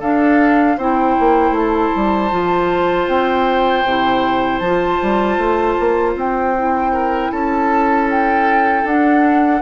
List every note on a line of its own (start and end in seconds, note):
0.00 0.78 D4
0.00 0.80 D4
0.00 0.77 A4
0.00 0.78 F5
0.78 1.16 C4
0.78 2.31 E4
0.78 6.93 C5
0.78 1.56 G5
1.20 1.51 A#3
1.51 1.89 A3
1.51 3.08 A5
1.96 2.32 G3
2.31 3.08 F3
2.31 3.85 F4
3.08 3.85 C4
3.08 4.59 G5
3.85 4.60 C3
3.85 4.64 E4
4.59 4.99 F3
4.59 6.13 A5
4.65 6.56 F4
5.03 5.38 G3
5.38 5.76 A3
5.80 6.15 A#3
6.15 7.31 C4
6.15 7.32 G5
6.56 8.87 E4
6.93 7.32 A#4
7.32 8.84 C#4
7.32 9.62 A4
7.32 8.09 A5
8.10 8.87 G5
8.84 9.61 D4
8.84 9.62 D4
8.84 9.62 F#5